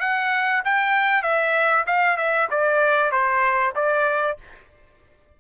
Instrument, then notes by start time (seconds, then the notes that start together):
trumpet
0.00 F#5
0.65 G5
1.23 E5
1.87 F5
2.17 E5
2.51 D5
3.11 C5
3.76 D5